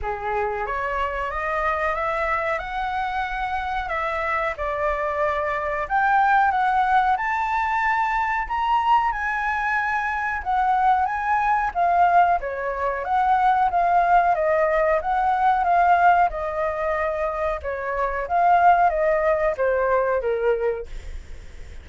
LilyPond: \new Staff \with { instrumentName = "flute" } { \time 4/4 \tempo 4 = 92 gis'4 cis''4 dis''4 e''4 | fis''2 e''4 d''4~ | d''4 g''4 fis''4 a''4~ | a''4 ais''4 gis''2 |
fis''4 gis''4 f''4 cis''4 | fis''4 f''4 dis''4 fis''4 | f''4 dis''2 cis''4 | f''4 dis''4 c''4 ais'4 | }